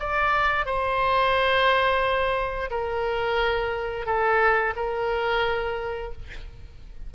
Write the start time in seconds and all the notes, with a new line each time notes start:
0.00 D5
0.66 C5
2.71 A#4
4.06 A4
4.76 A#4